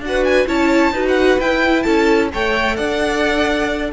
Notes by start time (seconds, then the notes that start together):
0.00 D4 F#4 F#5
0.08 B4
0.24 G#5
0.47 C#4 E4 C#5 A5
0.91 D#4 F#4 B4
1.08 F#5
1.40 E4 G5
1.82 C#4 A4 A5
2.32 A3 A4 C#5 G5
2.76 D4 D5 F#5